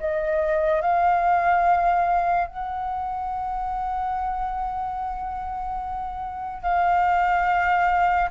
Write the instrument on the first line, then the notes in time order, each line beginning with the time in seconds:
flute
0.00 D#5
0.81 F5
2.48 F#5
6.63 F5